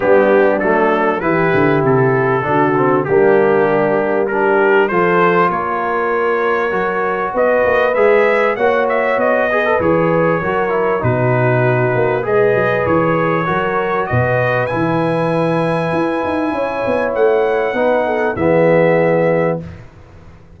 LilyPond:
<<
  \new Staff \with { instrumentName = "trumpet" } { \time 4/4 \tempo 4 = 98 g'4 a'4 b'4 a'4~ | a'4 g'2 ais'4 | c''4 cis''2. | dis''4 e''4 fis''8 e''8 dis''4 |
cis''2 b'2 | dis''4 cis''2 dis''4 | gis''1 | fis''2 e''2 | }
  \new Staff \with { instrumentName = "horn" } { \time 4/4 d'2 g'2 | fis'4 d'2 g'4 | a'4 ais'2. | b'2 cis''4. b'8~ |
b'4 ais'4 fis'2 | b'2 ais'4 b'4~ | b'2. cis''4~ | cis''4 b'8 a'8 gis'2 | }
  \new Staff \with { instrumentName = "trombone" } { \time 4/4 b4 a4 e'2 | d'8 c'8 ais2 d'4 | f'2. fis'4~ | fis'4 gis'4 fis'4. gis'16 a'16 |
gis'4 fis'8 e'8 dis'2 | gis'2 fis'2 | e'1~ | e'4 dis'4 b2 | }
  \new Staff \with { instrumentName = "tuba" } { \time 4/4 g4 fis4 e8 d8 c4 | d4 g2. | f4 ais2 fis4 | b8 ais8 gis4 ais4 b4 |
e4 fis4 b,4. ais8 | gis8 fis8 e4 fis4 b,4 | e2 e'8 dis'8 cis'8 b8 | a4 b4 e2 | }
>>